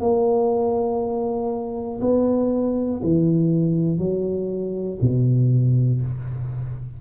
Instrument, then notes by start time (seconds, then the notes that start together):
tuba
0.00 A#3
2.00 B3
3.03 E3
3.99 F#3
5.01 B2